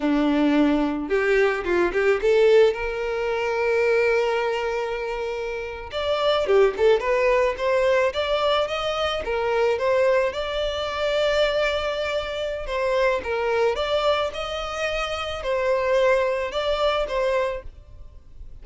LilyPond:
\new Staff \with { instrumentName = "violin" } { \time 4/4 \tempo 4 = 109 d'2 g'4 f'8 g'8 | a'4 ais'2.~ | ais'2~ ais'8. d''4 g'16~ | g'16 a'8 b'4 c''4 d''4 dis''16~ |
dis''8. ais'4 c''4 d''4~ d''16~ | d''2. c''4 | ais'4 d''4 dis''2 | c''2 d''4 c''4 | }